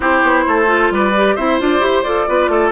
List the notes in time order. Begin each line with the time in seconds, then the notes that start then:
0.00 C4 E4 G4 C5
0.22 B3
0.47 A3 A4
0.66 F4
0.90 G3 B4 D5
1.16 G4
1.35 C4 E4 C5 E5
1.60 D4 F4 D5
1.79 E4 G4 C5
2.03 F4 A4 D5
2.28 B3 F4 B4
2.47 A3 A4